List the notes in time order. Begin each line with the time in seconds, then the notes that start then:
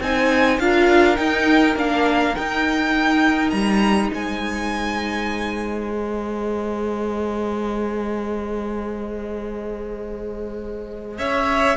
0.00 C4 D#4 C5 G#5
0.59 D4 F4 A#4 F5
1.15 D#4 G5
1.75 A#3 D4 F5
2.35 D#4 G5
3.50 G3 A#5
4.12 G#3 C5 G#5
5.88 G#4 D#5
11.18 C#4 C#5 E5